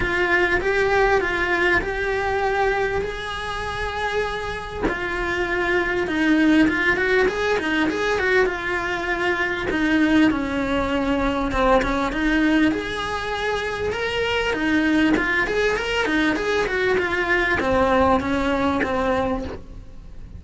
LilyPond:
\new Staff \with { instrumentName = "cello" } { \time 4/4 \tempo 4 = 99 f'4 g'4 f'4 g'4~ | g'4 gis'2. | f'2 dis'4 f'8 fis'8 | gis'8 dis'8 gis'8 fis'8 f'2 |
dis'4 cis'2 c'8 cis'8 | dis'4 gis'2 ais'4 | dis'4 f'8 gis'8 ais'8 dis'8 gis'8 fis'8 | f'4 c'4 cis'4 c'4 | }